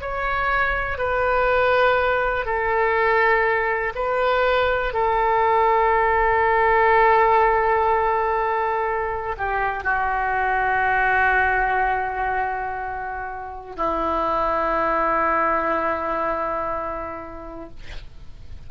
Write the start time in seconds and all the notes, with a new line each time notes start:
0.00 C#5
0.97 B4
2.45 A4
3.95 B4
4.93 A4
9.37 G4
9.84 F#4
13.76 E4